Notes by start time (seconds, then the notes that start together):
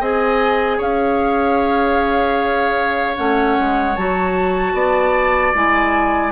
0.00 C4 G#4 D#5 G#5
0.77 C#4 C#5 F5
3.15 A3 C#4 F#5
3.59 G#3
3.95 F#3 F#4 A5
4.73 B3 D5
5.55 G#3 E4 G#5